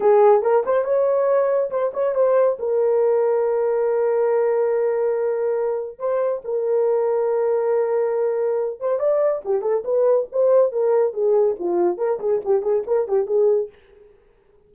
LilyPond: \new Staff \with { instrumentName = "horn" } { \time 4/4 \tempo 4 = 140 gis'4 ais'8 c''8 cis''2 | c''8 cis''8 c''4 ais'2~ | ais'1~ | ais'2 c''4 ais'4~ |
ais'1~ | ais'8 c''8 d''4 g'8 a'8 b'4 | c''4 ais'4 gis'4 f'4 | ais'8 gis'8 g'8 gis'8 ais'8 g'8 gis'4 | }